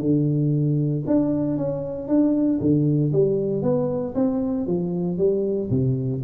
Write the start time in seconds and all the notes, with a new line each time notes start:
0.00 D3
1.07 D4
1.57 C#4
2.08 D4
2.61 D3
3.12 G3
3.62 B3
4.15 C4
4.67 F3
5.18 G3
5.70 C3